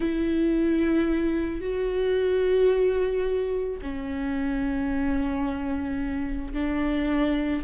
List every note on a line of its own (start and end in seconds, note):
0.00 1.60 E4
1.60 3.78 F#4
3.82 6.53 C#4
6.53 7.62 D4